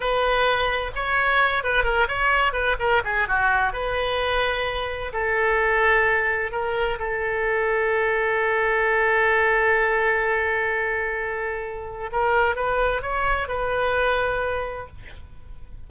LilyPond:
\new Staff \with { instrumentName = "oboe" } { \time 4/4 \tempo 4 = 129 b'2 cis''4. b'8 | ais'8 cis''4 b'8 ais'8 gis'8 fis'4 | b'2. a'4~ | a'2 ais'4 a'4~ |
a'1~ | a'1~ | a'2 ais'4 b'4 | cis''4 b'2. | }